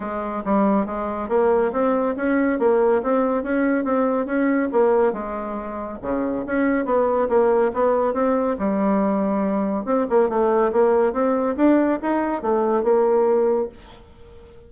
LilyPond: \new Staff \with { instrumentName = "bassoon" } { \time 4/4 \tempo 4 = 140 gis4 g4 gis4 ais4 | c'4 cis'4 ais4 c'4 | cis'4 c'4 cis'4 ais4 | gis2 cis4 cis'4 |
b4 ais4 b4 c'4 | g2. c'8 ais8 | a4 ais4 c'4 d'4 | dis'4 a4 ais2 | }